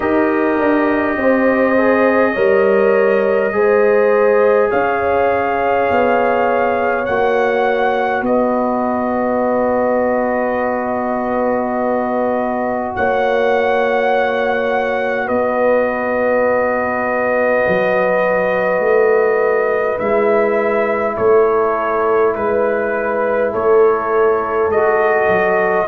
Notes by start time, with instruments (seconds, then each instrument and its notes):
0.00 tuba D#4, trombone G4, horn A#4, trumpet D#5
0.58 tuba D4
1.16 tuba C4, horn C5
1.76 trombone G#4
2.33 tuba G3, trombone A#4, horn C#5
3.52 tuba G#3, trombone G#4, horn C5
4.70 tuba C#4, horn C#5, trumpet F5
5.90 tuba B3
7.05 tuba A#3, trombone F#4, trumpet F#5
8.21 tuba B3, horn B4, trumpet D#5
12.95 tuba A#3, horn C#5, trumpet F#5
15.26 tuba B3, horn B4, trumpet D#5
17.67 tuba F#3
18.79 tuba A3
19.98 tuba G#3, trombone E4, trumpet E5
21.16 tuba A3, horn A4, trumpet C#5
22.34 tuba G#3, trumpet B4, horn B4
23.51 tuba A3, horn A4, trumpet C#5
24.67 tuba G#3, trombone F#4, trumpet D#5
25.28 tuba F#3